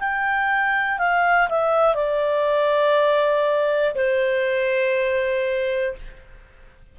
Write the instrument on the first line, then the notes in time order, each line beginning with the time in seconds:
clarinet
0.00 G5
0.99 F5
1.50 E5
1.95 D5
3.95 C5